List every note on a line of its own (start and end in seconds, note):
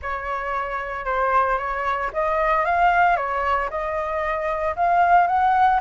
0.02 1.05 C#5
1.05 1.58 C5
1.58 2.10 C#5
2.13 2.65 D#5
2.65 3.16 F5
3.16 3.69 C#5
3.70 4.75 D#5
4.76 5.27 F5
5.27 5.79 F#5